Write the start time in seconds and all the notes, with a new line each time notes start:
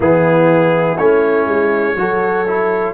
0.00 E3 B3 E4 G#4
0.97 A3 C#4 C#5
1.45 G#3
1.95 F#3 F#4 A4
2.47 E4